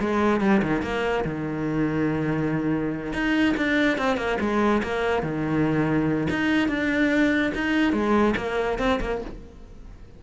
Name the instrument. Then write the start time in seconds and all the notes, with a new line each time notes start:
cello
0.00 G#3
0.41 G3
0.62 D#3
0.82 A#3
1.25 D#3
3.13 D#4
3.57 D4
3.98 C4
4.17 A#3
4.40 G#3
4.83 A#3
5.23 D#3
6.30 D#4
6.68 D4
7.55 D#4
7.93 G#3
8.37 A#3
8.79 C4
9.01 A#3